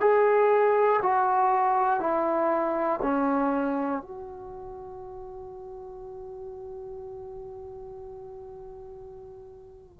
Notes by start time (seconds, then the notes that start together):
0.00 G#4
1.02 F#4
2.00 E4
3.02 C#4
4.02 F#4